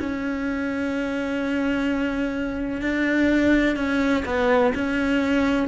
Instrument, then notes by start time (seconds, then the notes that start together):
cello
0.00 C#4
2.82 D4
3.77 C#4
4.26 B3
4.75 C#4